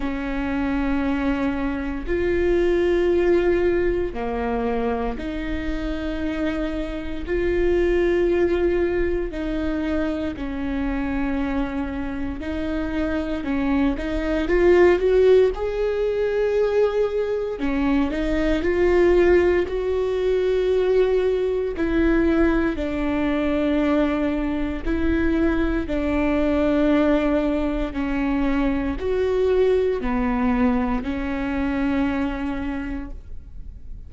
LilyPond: \new Staff \with { instrumentName = "viola" } { \time 4/4 \tempo 4 = 58 cis'2 f'2 | ais4 dis'2 f'4~ | f'4 dis'4 cis'2 | dis'4 cis'8 dis'8 f'8 fis'8 gis'4~ |
gis'4 cis'8 dis'8 f'4 fis'4~ | fis'4 e'4 d'2 | e'4 d'2 cis'4 | fis'4 b4 cis'2 | }